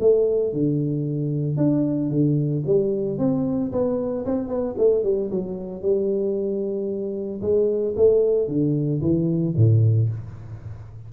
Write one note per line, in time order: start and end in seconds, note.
0.00 0.53 A3
0.53 1.57 D3
1.57 2.10 D4
2.10 2.63 D3
2.66 3.18 G3
3.18 3.71 C4
3.72 4.25 B3
4.25 4.48 C4
4.48 4.74 B3
4.78 5.03 A3
5.03 5.30 G3
5.30 5.82 F#3
5.82 7.41 G3
7.41 7.94 G#3
7.96 8.48 A3
8.48 9.01 D3
9.01 9.54 E3
9.56 10.09 A2